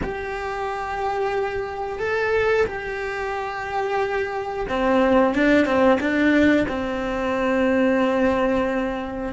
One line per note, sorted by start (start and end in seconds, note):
0.02 1.99 G4
1.99 2.65 A4
2.66 4.66 G4
4.68 5.35 C4
5.35 5.65 D4
5.65 5.98 C4
6.00 6.67 D4
6.68 9.32 C4